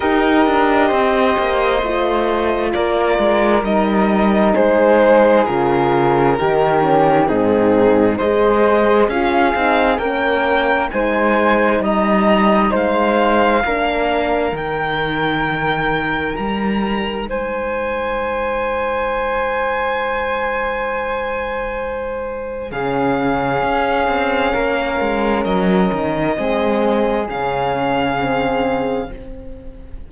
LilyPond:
<<
  \new Staff \with { instrumentName = "violin" } { \time 4/4 \tempo 4 = 66 dis''2. d''4 | dis''4 c''4 ais'2 | gis'4 dis''4 f''4 g''4 | gis''4 ais''4 f''2 |
g''2 ais''4 gis''4~ | gis''1~ | gis''4 f''2. | dis''2 f''2 | }
  \new Staff \with { instrumentName = "flute" } { \time 4/4 ais'4 c''2 ais'4~ | ais'4 gis'2 g'4 | dis'4 c''4 gis'4 ais'4 | c''4 dis''4 c''4 ais'4~ |
ais'2. c''4~ | c''1~ | c''4 gis'2 ais'4~ | ais'4 gis'2. | }
  \new Staff \with { instrumentName = "horn" } { \time 4/4 g'2 f'2 | dis'2 f'4 dis'8 cis'8 | c'4 gis'4 f'8 dis'8 cis'4 | dis'2. d'4 |
dis'1~ | dis'1~ | dis'4 cis'2.~ | cis'4 c'4 cis'4 c'4 | }
  \new Staff \with { instrumentName = "cello" } { \time 4/4 dis'8 d'8 c'8 ais8 a4 ais8 gis8 | g4 gis4 cis4 dis4 | gis,4 gis4 cis'8 c'8 ais4 | gis4 g4 gis4 ais4 |
dis2 g4 gis4~ | gis1~ | gis4 cis4 cis'8 c'8 ais8 gis8 | fis8 dis8 gis4 cis2 | }
>>